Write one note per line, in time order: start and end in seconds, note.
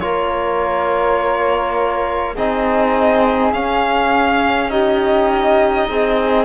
0.00 2.38 A#3
0.00 2.37 F4
0.00 2.36 A#4
0.00 2.35 C#5
2.36 3.53 C4
2.36 3.53 D#4
2.36 4.71 G#4
2.36 3.54 D#5
3.53 4.70 C#4
3.53 5.89 C#4
3.53 4.71 F5
4.70 6.45 D#4
4.70 5.89 G4
4.70 6.45 D#5
5.89 6.45 C4
5.89 6.45 G#4